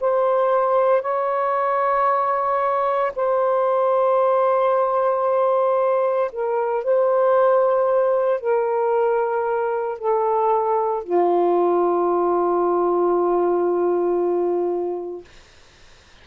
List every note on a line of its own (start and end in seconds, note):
0.00 1.01 C5
1.01 3.11 C#5
3.15 6.31 C5
6.32 6.84 A#4
6.84 8.40 C5
8.40 9.98 A#4
9.98 11.03 A4
11.03 15.24 F4